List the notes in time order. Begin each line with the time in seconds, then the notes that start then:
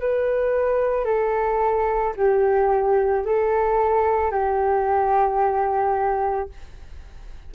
0.00 B4
1.05 A4
2.17 G4
3.26 A4
4.31 G4